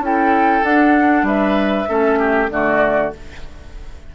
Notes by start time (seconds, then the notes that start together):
0.00 C#4 E4 A4 G5
0.63 D4 F#5
1.23 G3 B4 E5
1.88 A3 C#4 A4
2.19 G4
2.50 D3 A3 F#4 D5